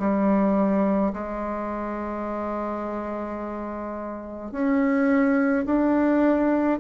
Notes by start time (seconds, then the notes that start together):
0.00 G3
1.13 G#3
4.52 C#4
5.66 D4